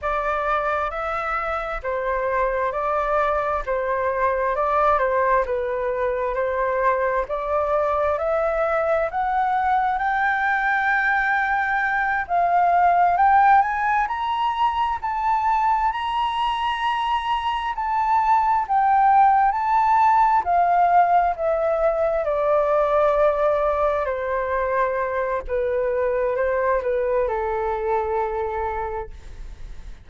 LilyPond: \new Staff \with { instrumentName = "flute" } { \time 4/4 \tempo 4 = 66 d''4 e''4 c''4 d''4 | c''4 d''8 c''8 b'4 c''4 | d''4 e''4 fis''4 g''4~ | g''4. f''4 g''8 gis''8 ais''8~ |
ais''8 a''4 ais''2 a''8~ | a''8 g''4 a''4 f''4 e''8~ | e''8 d''2 c''4. | b'4 c''8 b'8 a'2 | }